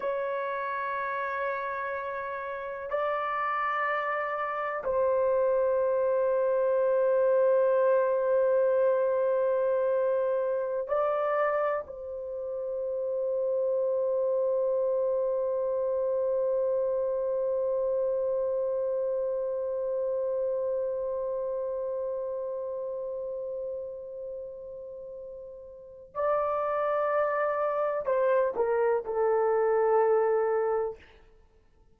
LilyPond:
\new Staff \with { instrumentName = "horn" } { \time 4/4 \tempo 4 = 62 cis''2. d''4~ | d''4 c''2.~ | c''2.~ c''16 d''8.~ | d''16 c''2.~ c''8.~ |
c''1~ | c''1~ | c''2. d''4~ | d''4 c''8 ais'8 a'2 | }